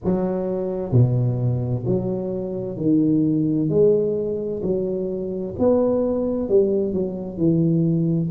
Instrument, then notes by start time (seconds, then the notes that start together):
tuba
0.04 F#3
0.91 B2
1.86 F#3
2.77 D#3
3.69 G#3
4.62 F#3
5.58 B3
6.49 G3
6.93 F#3
7.37 E3